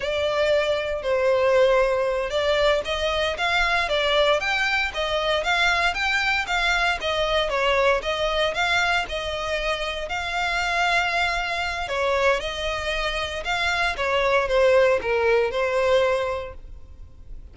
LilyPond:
\new Staff \with { instrumentName = "violin" } { \time 4/4 \tempo 4 = 116 d''2 c''2~ | c''8 d''4 dis''4 f''4 d''8~ | d''8 g''4 dis''4 f''4 g''8~ | g''8 f''4 dis''4 cis''4 dis''8~ |
dis''8 f''4 dis''2 f''8~ | f''2. cis''4 | dis''2 f''4 cis''4 | c''4 ais'4 c''2 | }